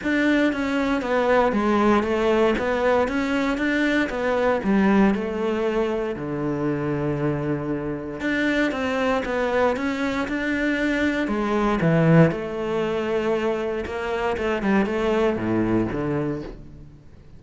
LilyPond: \new Staff \with { instrumentName = "cello" } { \time 4/4 \tempo 4 = 117 d'4 cis'4 b4 gis4 | a4 b4 cis'4 d'4 | b4 g4 a2 | d1 |
d'4 c'4 b4 cis'4 | d'2 gis4 e4 | a2. ais4 | a8 g8 a4 a,4 d4 | }